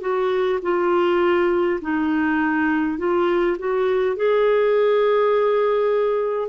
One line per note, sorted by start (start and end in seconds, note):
0.00 0.59 F#4
0.62 1.80 F4
1.81 2.98 D#4
2.98 3.57 F4
3.58 4.16 F#4
4.16 6.48 G#4